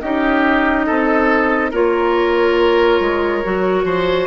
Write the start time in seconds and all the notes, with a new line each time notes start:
0.00 C#4 D#4 G4 D#5
0.86 C4 A4
1.71 A#3 F4 A#4 C#5
3.00 G#3
3.43 F#3 F#4
3.84 F3 C5